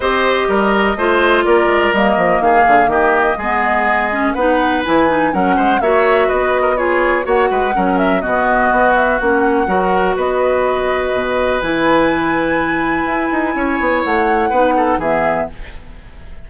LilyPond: <<
  \new Staff \with { instrumentName = "flute" } { \time 4/4 \tempo 4 = 124 dis''2. d''4 | dis''4 f''4 dis''2~ | dis''4 fis''4 gis''4 fis''4 | e''4 dis''4 cis''4 fis''4~ |
fis''8 e''8 dis''4. e''8 fis''4~ | fis''4 dis''2. | gis''1~ | gis''4 fis''2 e''4 | }
  \new Staff \with { instrumentName = "oboe" } { \time 4/4 c''4 ais'4 c''4 ais'4~ | ais'4 gis'4 g'4 gis'4~ | gis'4 b'2 ais'8 c''8 | cis''4 b'8. ais'16 gis'4 cis''8 b'8 |
ais'4 fis'2. | ais'4 b'2.~ | b'1 | cis''2 b'8 a'8 gis'4 | }
  \new Staff \with { instrumentName = "clarinet" } { \time 4/4 g'2 f'2 | ais2. b4~ | b8 cis'8 dis'4 e'8 dis'8 cis'4 | fis'2 f'4 fis'4 |
cis'4 b2 cis'4 | fis'1 | e'1~ | e'2 dis'4 b4 | }
  \new Staff \with { instrumentName = "bassoon" } { \time 4/4 c'4 g4 a4 ais8 gis8 | g8 f8 dis8 d8 dis4 gis4~ | gis4 b4 e4 fis8 gis8 | ais4 b2 ais8 gis8 |
fis4 b,4 b4 ais4 | fis4 b2 b,4 | e2. e'8 dis'8 | cis'8 b8 a4 b4 e4 | }
>>